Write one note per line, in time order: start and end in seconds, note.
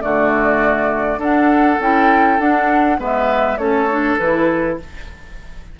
0.00 1.18 D3
0.00 1.19 A3
0.00 1.19 F#4
0.00 1.20 D5
1.18 1.77 D4
1.18 1.80 D4
1.18 2.97 A4
1.18 1.81 F#5
1.80 2.39 C#4
1.80 2.39 E4
1.80 2.40 G5
2.39 2.98 D4
2.39 2.99 F#5
2.98 3.57 G#3
2.98 3.57 B3
2.98 3.58 B4
2.98 3.57 E5
3.57 4.17 A3
3.57 3.89 C#4
3.57 4.79 A4
3.57 4.17 C#5
3.90 4.20 D4
4.18 4.78 E3
4.18 4.79 E4
4.18 4.77 B4